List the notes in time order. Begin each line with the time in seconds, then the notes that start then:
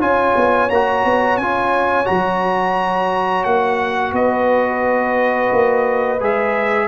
0.00 C#4 F4 C#5 G#5
0.36 B3
0.70 A#3 F#4 A#5
1.05 B3
1.37 C#4 F4 G#5
2.05 F#3 F#4 A#5
3.44 A#3 F#5
4.13 B3 B4 D#5
5.53 A#3
6.21 G#3 G#4 E5